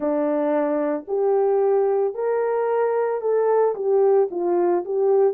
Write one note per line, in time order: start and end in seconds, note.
0.00 1.04 D4
1.07 2.14 G4
2.14 3.21 A#4
3.21 3.75 A4
3.75 4.29 G4
4.31 4.84 F4
4.85 5.33 G4